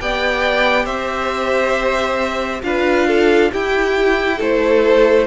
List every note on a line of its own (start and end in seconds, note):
0.00 0.85 B3
0.00 2.63 G4
0.00 0.85 D5
0.00 0.85 G5
0.85 2.62 C4
0.85 2.61 C5
0.85 2.62 E5
2.63 3.51 D4
2.63 3.51 F4
2.63 3.07 B4
2.63 3.51 F5
3.07 3.51 A4
3.51 5.27 E4
3.51 4.40 E4
3.51 4.37 G4
3.51 4.41 G5
4.37 5.27 A3
4.37 5.26 A4
4.37 5.27 C5